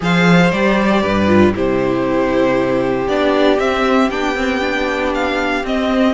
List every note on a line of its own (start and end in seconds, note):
0.00 0.52 F3
0.00 0.51 G#4
0.00 1.02 C5
0.00 0.51 F5
0.51 1.02 G3
0.51 1.27 G4
0.51 1.54 D5
1.02 1.54 G2
1.02 1.53 B4
1.27 1.53 F4
1.54 3.07 C3
1.54 3.08 E4
1.54 6.14 G4
1.54 3.08 C5
3.07 3.58 B3
3.07 3.58 D4
3.07 3.59 D5
3.58 4.09 C4
3.58 4.10 C4
3.58 4.10 E5
4.10 5.63 B3
4.10 4.35 D4
4.10 5.13 G5
4.35 4.60 C4
4.60 5.63 D4
5.14 5.65 F5
5.63 6.14 C4
5.63 6.14 D#5